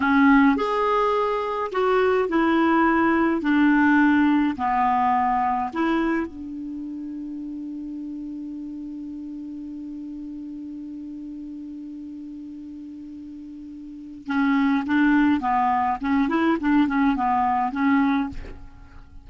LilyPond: \new Staff \with { instrumentName = "clarinet" } { \time 4/4 \tempo 4 = 105 cis'4 gis'2 fis'4 | e'2 d'2 | b2 e'4 d'4~ | d'1~ |
d'1~ | d'1~ | d'4 cis'4 d'4 b4 | cis'8 e'8 d'8 cis'8 b4 cis'4 | }